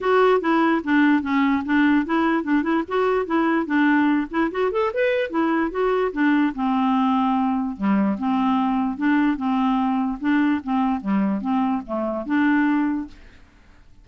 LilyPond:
\new Staff \with { instrumentName = "clarinet" } { \time 4/4 \tempo 4 = 147 fis'4 e'4 d'4 cis'4 | d'4 e'4 d'8 e'8 fis'4 | e'4 d'4. e'8 fis'8 a'8 | b'4 e'4 fis'4 d'4 |
c'2. g4 | c'2 d'4 c'4~ | c'4 d'4 c'4 g4 | c'4 a4 d'2 | }